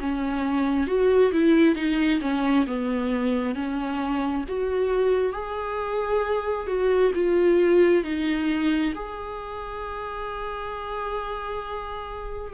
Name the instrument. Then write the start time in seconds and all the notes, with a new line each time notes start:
viola
0.00 C#4
0.88 F#4
1.32 E4
1.75 D#4
2.21 C#4
2.67 B3
3.55 C#4
4.48 F#4
5.33 G#4
6.67 F#4
7.14 F4
8.04 D#4
8.95 G#4